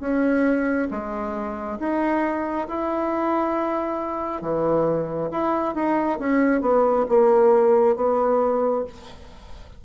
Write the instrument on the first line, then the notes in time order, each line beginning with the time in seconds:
bassoon
0.00 C#4
0.91 G#3
1.79 D#4
2.68 E4
4.42 E3
5.31 E4
5.75 D#4
6.19 C#4
6.61 B3
7.09 A#3
7.96 B3